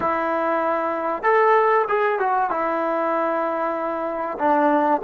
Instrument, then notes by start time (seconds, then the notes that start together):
trombone
0.00 E4
1.22 A4
1.88 G#4
2.19 F#4
2.50 E4
4.38 D4